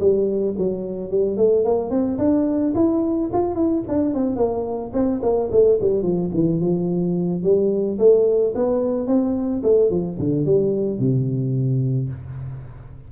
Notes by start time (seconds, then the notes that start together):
0.00 G3
0.58 F#3
1.11 G3
1.37 A3
1.65 A#3
1.90 C4
2.18 D4
2.75 E4
3.33 F4
3.55 E4
3.88 D4
4.14 C4
4.36 A#3
4.93 C4
5.23 A#3
5.51 A3
5.81 G3
6.03 F3
6.34 E3
6.61 F3
7.43 G3
7.99 A3
8.55 B3
9.07 C4
9.63 A3
9.90 F3
10.19 D3
10.46 G3
10.99 C3